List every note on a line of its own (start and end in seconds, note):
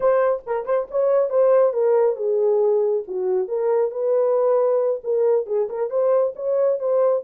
0.00 0.43 C5
0.46 0.65 A#4
0.65 0.87 C5
0.90 1.29 C#5
1.29 1.73 C5
1.73 2.16 A#4
2.16 3.03 G#4
3.07 3.48 F#4
3.48 3.91 A#4
3.91 5.00 B4
5.03 5.46 A#4
5.46 5.68 G#4
5.69 5.89 A#4
5.89 6.33 C5
6.35 6.79 C#5
6.79 7.23 C5